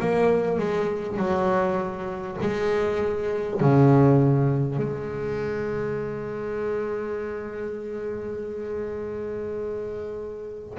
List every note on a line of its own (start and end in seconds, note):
0.00 0.59 A#3
0.59 1.18 G#3
1.18 2.38 F#3
2.42 3.61 G#3
3.61 4.78 C#3
4.78 10.78 G#3